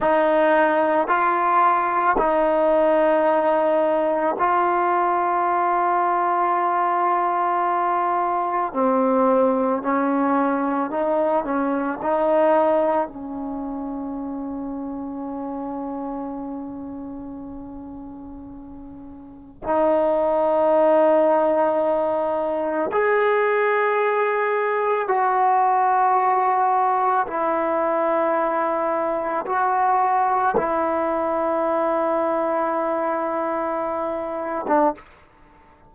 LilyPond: \new Staff \with { instrumentName = "trombone" } { \time 4/4 \tempo 4 = 55 dis'4 f'4 dis'2 | f'1 | c'4 cis'4 dis'8 cis'8 dis'4 | cis'1~ |
cis'2 dis'2~ | dis'4 gis'2 fis'4~ | fis'4 e'2 fis'4 | e'2.~ e'8. d'16 | }